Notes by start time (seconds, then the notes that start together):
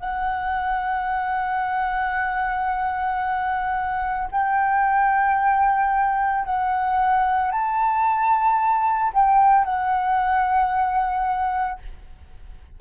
0.00 F#5
4.31 G5
6.45 F#5
7.51 A5
9.13 G5
9.65 F#5